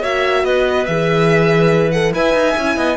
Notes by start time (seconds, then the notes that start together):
0.00 A#3 F#4 C#5 E5
0.44 B3 B4 D#5
0.86 E3 G#4 E5
1.91 A4 F#5
2.12 E4 B4 E5 G#5
2.33 D#4
2.55 C#4 E4
2.76 B3 D#5